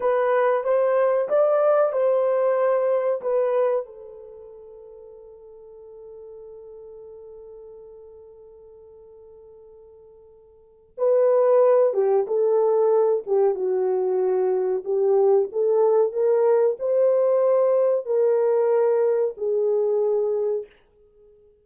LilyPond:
\new Staff \with { instrumentName = "horn" } { \time 4/4 \tempo 4 = 93 b'4 c''4 d''4 c''4~ | c''4 b'4 a'2~ | a'1~ | a'1~ |
a'4 b'4. g'8 a'4~ | a'8 g'8 fis'2 g'4 | a'4 ais'4 c''2 | ais'2 gis'2 | }